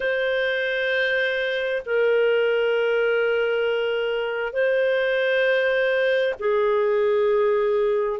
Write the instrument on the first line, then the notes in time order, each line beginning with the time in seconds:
clarinet
0.00 C5
1.85 A#4
4.52 C5
6.39 G#4